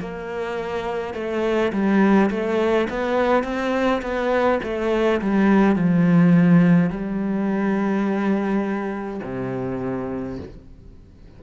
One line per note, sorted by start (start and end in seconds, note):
0.00 1.14 A#3
1.14 1.72 A3
1.72 2.30 G3
2.30 2.88 A3
2.89 3.44 B3
3.44 4.01 C4
4.02 4.59 B3
4.63 5.21 A3
5.21 5.75 G3
5.75 6.90 F3
6.90 9.20 G3
9.23 10.38 C3